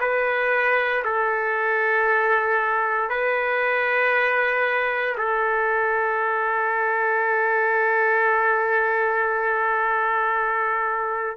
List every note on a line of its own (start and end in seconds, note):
0.00 1.03 B4
1.04 3.09 A4
3.09 5.16 B4
5.17 11.37 A4